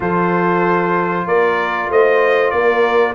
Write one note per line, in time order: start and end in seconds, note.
0.00 1.26 F3
0.00 3.14 F4
0.00 1.26 A4
0.00 1.27 C5
1.26 1.89 A#3
1.26 1.89 A#4
1.26 1.90 D5
1.89 2.52 A3
1.89 2.54 C5
1.89 2.50 D#5
2.50 3.14 A#3
2.50 3.14 A#4
2.50 3.13 D5